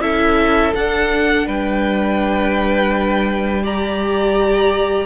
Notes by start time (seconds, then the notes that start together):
0.00 C#4 E4 A4 E5
0.75 D4 F#5
1.46 G3 B4 G5
3.63 G4 D5 A#5